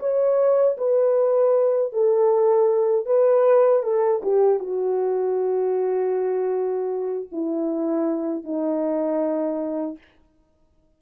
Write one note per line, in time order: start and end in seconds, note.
0.00 0.77 C#5
0.78 1.93 B4
1.93 3.06 A4
3.06 3.83 B4
3.83 4.22 A4
4.23 4.60 G4
4.60 7.29 F#4
7.32 8.44 E4
8.44 9.98 D#4